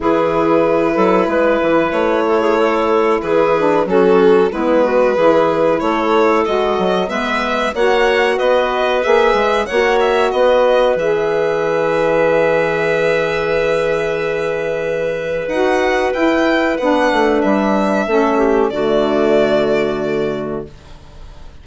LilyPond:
<<
  \new Staff \with { instrumentName = "violin" } { \time 4/4 \tempo 4 = 93 b'2. cis''4~ | cis''4 b'4 a'4 b'4~ | b'4 cis''4 dis''4 e''4 | fis''4 dis''4 e''4 fis''8 e''8 |
dis''4 e''2.~ | e''1 | fis''4 g''4 fis''4 e''4~ | e''4 d''2. | }
  \new Staff \with { instrumentName = "clarinet" } { \time 4/4 gis'4. a'8 b'4. a'16 gis'16 | a'4 gis'4 fis'4 e'8 fis'8 | gis'4 a'2 b'4 | cis''4 b'2 cis''4 |
b'1~ | b'1~ | b'1 | a'8 g'8 fis'2. | }
  \new Staff \with { instrumentName = "saxophone" } { \time 4/4 e'1~ | e'4. d'8 cis'4 b4 | e'2 fis'4 b4 | fis'2 gis'4 fis'4~ |
fis'4 gis'2.~ | gis'1 | fis'4 e'4 d'2 | cis'4 a2. | }
  \new Staff \with { instrumentName = "bassoon" } { \time 4/4 e4. fis8 gis8 e8 a4~ | a4 e4 fis4 gis4 | e4 a4 gis8 fis8 gis4 | ais4 b4 ais8 gis8 ais4 |
b4 e2.~ | e1 | dis'4 e'4 b8 a8 g4 | a4 d2. | }
>>